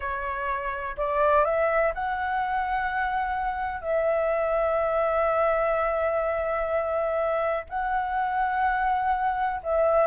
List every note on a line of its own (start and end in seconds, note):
0.00 0.96 C#5
0.97 1.44 D5
1.44 1.92 E5
1.94 3.81 F#5
3.81 7.65 E5
7.69 9.61 F#5
9.63 10.06 E5